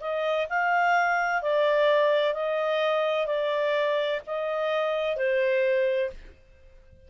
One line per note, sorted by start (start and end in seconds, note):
0.00 0.47 D#5
0.49 1.42 F5
1.42 2.34 D5
2.34 3.27 D#5
3.27 4.21 D5
4.27 5.16 D#5
5.16 6.10 C5